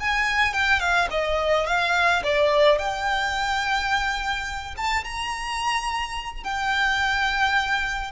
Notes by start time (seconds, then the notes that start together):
0.00 G#5
0.54 G5
0.80 F5
1.11 D#5
1.67 F5
2.24 D5
2.79 G5
4.78 A5
5.05 A#5
6.44 G5